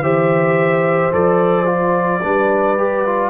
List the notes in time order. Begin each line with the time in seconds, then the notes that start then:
0.00 E3 G4 C5 E5
1.12 F3 A4 D5
1.65 F4
2.22 G3 D4 B4
2.77 G4
3.05 F4